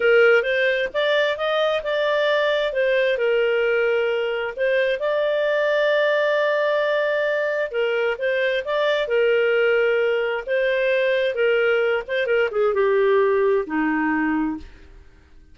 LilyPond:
\new Staff \with { instrumentName = "clarinet" } { \time 4/4 \tempo 4 = 132 ais'4 c''4 d''4 dis''4 | d''2 c''4 ais'4~ | ais'2 c''4 d''4~ | d''1~ |
d''4 ais'4 c''4 d''4 | ais'2. c''4~ | c''4 ais'4. c''8 ais'8 gis'8 | g'2 dis'2 | }